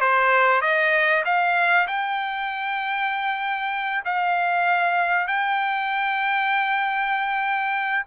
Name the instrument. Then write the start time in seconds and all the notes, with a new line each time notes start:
trumpet
0.00 C5
0.61 D#5
1.25 F5
1.87 G5
4.05 F5
5.27 G5